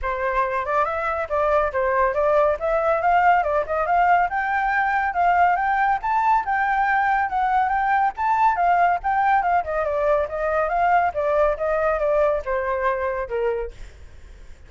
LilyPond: \new Staff \with { instrumentName = "flute" } { \time 4/4 \tempo 4 = 140 c''4. d''8 e''4 d''4 | c''4 d''4 e''4 f''4 | d''8 dis''8 f''4 g''2 | f''4 g''4 a''4 g''4~ |
g''4 fis''4 g''4 a''4 | f''4 g''4 f''8 dis''8 d''4 | dis''4 f''4 d''4 dis''4 | d''4 c''2 ais'4 | }